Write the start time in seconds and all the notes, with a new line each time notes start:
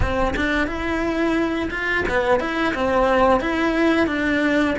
0.00 C4
0.36 D4
0.67 E4
1.70 F4
2.08 B3
2.40 E4
2.74 C4
3.40 E4
4.06 D4